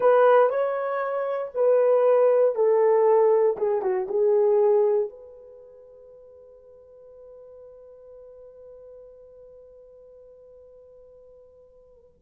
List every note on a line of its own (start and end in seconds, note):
0.00 0.49 B4
0.49 1.51 C#5
1.54 2.55 B4
2.55 3.56 A4
3.57 3.81 G#4
3.81 4.07 F#4
4.08 5.09 G#4
5.09 12.21 B4